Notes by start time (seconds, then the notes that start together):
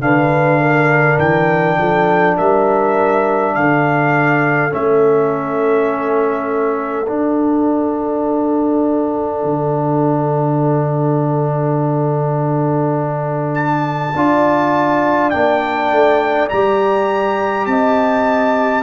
0.00 D3 D4 B4 F5
0.60 A#4
1.18 E3 G5
1.78 F3 A4
2.36 G3 A#4 E5
3.54 D3 A4 F5
4.70 A3 C#4 E5
7.07 D4 F#5
9.43 D3
13.54 A5
14.15 D4 F4 D5
15.30 A#3 D4 G5
15.91 A3
16.49 G3 G4 A#5
17.66 C4 D#5 A5